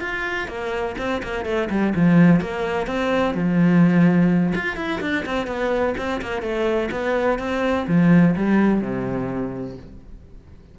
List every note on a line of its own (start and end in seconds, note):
0.00 0.48 F4
0.48 0.95 A#3
0.98 1.22 C4
1.23 1.45 A#3
1.45 1.69 A3
1.70 1.94 G3
1.95 2.40 F3
2.40 2.86 A#3
2.86 3.34 C4
3.34 4.53 F3
4.54 4.76 F4
4.76 5.00 E4
5.00 5.24 D4
5.25 5.46 C4
5.46 5.94 B3
5.97 6.21 C4
6.21 6.42 A#3
6.42 6.89 A3
6.91 7.39 B3
7.39 7.86 C4
7.87 8.35 F3
8.36 8.81 G3
8.81 9.76 C3